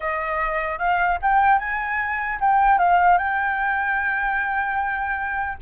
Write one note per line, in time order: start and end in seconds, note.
0.00 0.78 D#5
0.78 1.18 F5
1.21 1.58 G5
1.58 2.38 G#5
2.40 2.78 G5
2.78 3.17 F5
3.17 5.57 G5